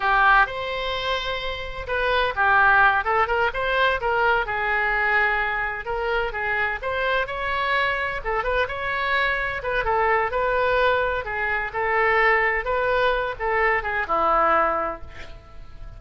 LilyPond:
\new Staff \with { instrumentName = "oboe" } { \time 4/4 \tempo 4 = 128 g'4 c''2. | b'4 g'4. a'8 ais'8 c''8~ | c''8 ais'4 gis'2~ gis'8~ | gis'8 ais'4 gis'4 c''4 cis''8~ |
cis''4. a'8 b'8 cis''4.~ | cis''8 b'8 a'4 b'2 | gis'4 a'2 b'4~ | b'8 a'4 gis'8 e'2 | }